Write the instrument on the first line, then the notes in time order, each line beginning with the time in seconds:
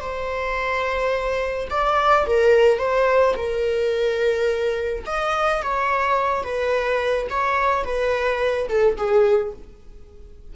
viola
0.00 C5
1.70 D5
2.26 A#4
2.79 C5
3.36 A#4
5.06 D#5
5.62 C#5
6.43 B4
7.29 C#5
7.84 B4
8.69 A4
8.97 G#4